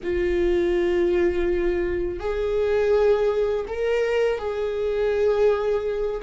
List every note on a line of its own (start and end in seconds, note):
0.03 2.19 F4
2.19 3.66 G#4
3.68 4.38 A#4
4.38 6.21 G#4